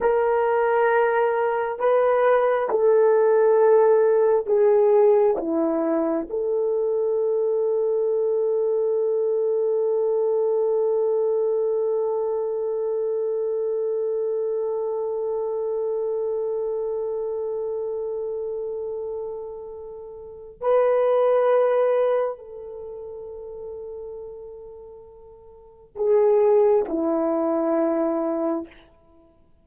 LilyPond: \new Staff \with { instrumentName = "horn" } { \time 4/4 \tempo 4 = 67 ais'2 b'4 a'4~ | a'4 gis'4 e'4 a'4~ | a'1~ | a'1~ |
a'1~ | a'2. b'4~ | b'4 a'2.~ | a'4 gis'4 e'2 | }